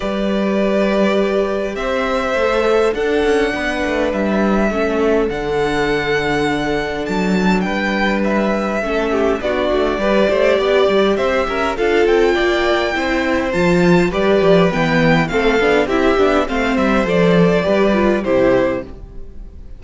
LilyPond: <<
  \new Staff \with { instrumentName = "violin" } { \time 4/4 \tempo 4 = 102 d''2. e''4~ | e''4 fis''2 e''4~ | e''4 fis''2. | a''4 g''4 e''2 |
d''2. e''4 | f''8 g''2~ g''8 a''4 | d''4 g''4 f''4 e''4 | f''8 e''8 d''2 c''4 | }
  \new Staff \with { instrumentName = "violin" } { \time 4/4 b'2. c''4~ | c''4 a'4 b'2 | a'1~ | a'4 b'2 a'8 g'8 |
fis'4 b'8 c''8 d''4 c''8 ais'8 | a'4 d''4 c''2 | b'2 a'4 g'4 | c''2 b'4 g'4 | }
  \new Staff \with { instrumentName = "viola" } { \time 4/4 g'1 | a'4 d'2. | cis'4 d'2.~ | d'2. cis'4 |
d'4 g'2. | f'2 e'4 f'4 | g'4 b4 c'8 d'8 e'8 d'8 | c'4 a'4 g'8 f'8 e'4 | }
  \new Staff \with { instrumentName = "cello" } { \time 4/4 g2. c'4 | a4 d'8 cis'8 b8 a8 g4 | a4 d2. | fis4 g2 a4 |
b8 a8 g8 a8 b8 g8 c'8 cis'8 | d'8 c'8 ais4 c'4 f4 | g8 f8 e4 a8 b8 c'8 b8 | a8 g8 f4 g4 c4 | }
>>